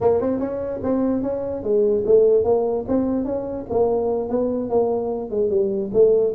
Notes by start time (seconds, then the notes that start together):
0.00 A#3
0.20 C4
0.39 C#4
0.83 C4
1.22 C#4
1.63 G#3
2.06 A3
2.44 A#3
2.88 C4
3.24 C#4
3.69 A#3
4.29 B3
4.69 A#3
5.30 G#3
5.50 G3
5.93 A3